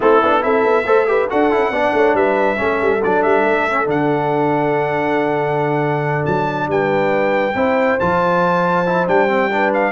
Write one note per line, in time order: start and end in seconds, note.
0.00 0.22 A3
0.00 0.21 C4
0.00 0.42 E4
0.00 0.43 A4
0.22 0.44 B3
0.22 0.41 D4
0.41 0.63 C4
0.41 0.84 E4
0.41 0.85 A4
0.41 1.29 E5
0.63 0.85 B3
0.85 1.28 A3
0.85 1.06 A4
0.85 1.07 C5
1.06 1.28 G4
1.06 1.30 B4
1.29 1.54 D4
1.29 1.50 F#4
1.29 1.71 A4
1.29 2.16 F#5
1.50 1.70 C#4
1.50 1.72 E4
1.70 1.92 B3
1.70 2.56 D4
1.70 1.93 D5
1.93 2.14 A3
1.93 2.16 C#5
2.14 2.57 G3
2.14 2.59 B4
2.14 3.02 E5
2.56 2.81 A3
2.56 2.99 C#4
2.56 6.69 A4
2.81 3.03 G3
3.03 3.24 F#3
3.03 3.70 D4
3.03 3.22 D5
3.22 3.43 G3
3.22 3.87 E5
3.43 3.86 A3
3.70 3.85 C#4
3.85 6.23 D3
3.85 7.52 D4
3.85 6.25 F#5
6.25 6.67 F#3
6.25 6.69 A5
6.67 7.54 G3
6.67 7.56 B4
6.67 7.99 G5
7.54 7.97 C4
7.54 7.99 E4
7.54 9.50 C5
7.99 9.08 F3
7.99 8.85 F4
7.99 9.07 A5
8.85 9.06 E4
9.06 9.92 G3
9.06 9.28 D4
9.06 9.72 G5
9.28 9.50 C4
9.50 9.92 D4
9.50 9.92 B4
9.73 9.92 F5